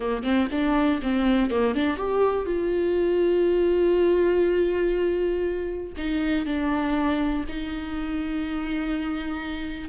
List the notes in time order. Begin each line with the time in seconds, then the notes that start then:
0.00 A#3
0.23 C4
0.51 D4
1.02 C4
1.50 A#3
1.74 D4
1.97 G4
2.45 F4
5.97 D#4
6.45 D4
7.48 D#4